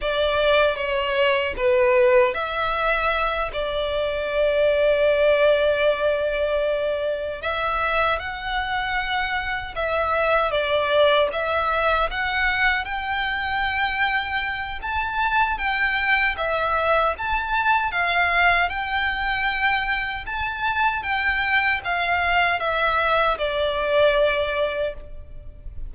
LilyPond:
\new Staff \with { instrumentName = "violin" } { \time 4/4 \tempo 4 = 77 d''4 cis''4 b'4 e''4~ | e''8 d''2.~ d''8~ | d''4. e''4 fis''4.~ | fis''8 e''4 d''4 e''4 fis''8~ |
fis''8 g''2~ g''8 a''4 | g''4 e''4 a''4 f''4 | g''2 a''4 g''4 | f''4 e''4 d''2 | }